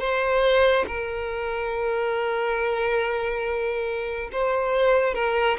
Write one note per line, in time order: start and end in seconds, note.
0.00 0.86 C5
0.87 4.30 A#4
4.32 5.15 C5
5.15 5.58 A#4